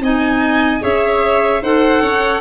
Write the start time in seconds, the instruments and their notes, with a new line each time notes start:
0.00 tuba C4, clarinet D#4, violin D#5 G#5
0.80 tuba C#4, clarinet G#4, violin C#5 E5
1.62 tuba D#4, clarinet A4, violin C5 F#5
2.02 tuba C#4, violin C#5